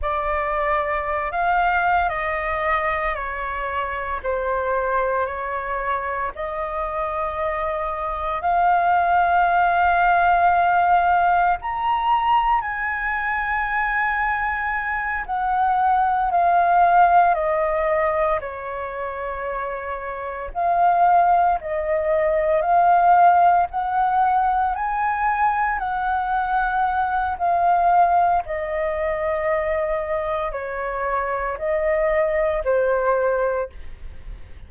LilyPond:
\new Staff \with { instrumentName = "flute" } { \time 4/4 \tempo 4 = 57 d''4~ d''16 f''8. dis''4 cis''4 | c''4 cis''4 dis''2 | f''2. ais''4 | gis''2~ gis''8 fis''4 f''8~ |
f''8 dis''4 cis''2 f''8~ | f''8 dis''4 f''4 fis''4 gis''8~ | gis''8 fis''4. f''4 dis''4~ | dis''4 cis''4 dis''4 c''4 | }